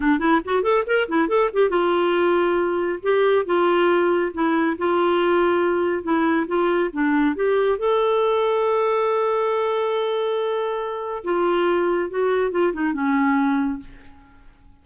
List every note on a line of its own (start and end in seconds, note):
0.00 0.19 D4
0.19 0.40 E4
0.44 0.62 F#4
0.62 0.84 A4
0.86 1.08 A#4
1.08 1.28 E4
1.28 1.50 A4
1.53 1.69 G4
1.69 2.99 F4
3.02 3.45 G4
3.45 4.31 F4
4.33 4.76 E4
4.78 6.03 F4
6.03 6.46 E4
6.47 6.90 F4
6.92 7.35 D4
7.35 7.78 G4
7.78 11.23 A4
11.24 12.10 F4
12.10 12.51 F#4
12.51 12.72 F4
12.73 12.93 D#4
12.93 13.79 C#4